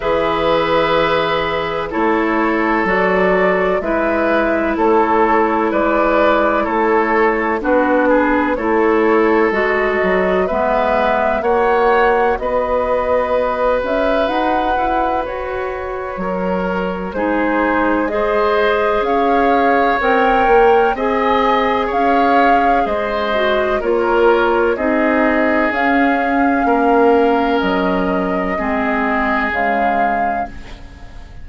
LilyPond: <<
  \new Staff \with { instrumentName = "flute" } { \time 4/4 \tempo 4 = 63 e''2 cis''4 d''4 | e''4 cis''4 d''4 cis''4 | b'4 cis''4 dis''4 e''4 | fis''4 dis''4. e''8 fis''4 |
cis''2 c''4 dis''4 | f''4 g''4 gis''4 f''4 | dis''4 cis''4 dis''4 f''4~ | f''4 dis''2 f''4 | }
  \new Staff \with { instrumentName = "oboe" } { \time 4/4 b'2 a'2 | b'4 a'4 b'4 a'4 | fis'8 gis'8 a'2 b'4 | cis''4 b'2.~ |
b'4 ais'4 gis'4 c''4 | cis''2 dis''4 cis''4 | c''4 ais'4 gis'2 | ais'2 gis'2 | }
  \new Staff \with { instrumentName = "clarinet" } { \time 4/4 gis'2 e'4 fis'4 | e'1 | d'4 e'4 fis'4 b4 | fis'1~ |
fis'2 dis'4 gis'4~ | gis'4 ais'4 gis'2~ | gis'8 fis'8 f'4 dis'4 cis'4~ | cis'2 c'4 gis4 | }
  \new Staff \with { instrumentName = "bassoon" } { \time 4/4 e2 a4 fis4 | gis4 a4 gis4 a4 | b4 a4 gis8 fis8 gis4 | ais4 b4. cis'8 dis'8 e'8 |
fis'4 fis4 gis2 | cis'4 c'8 ais8 c'4 cis'4 | gis4 ais4 c'4 cis'4 | ais4 fis4 gis4 cis4 | }
>>